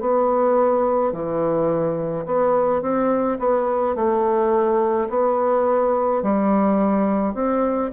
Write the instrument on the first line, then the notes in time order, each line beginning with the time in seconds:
bassoon
0.00 B3
1.12 E3
2.26 B3
2.82 C4
3.39 B3
3.95 A3
5.09 B3
6.23 G3
7.34 C4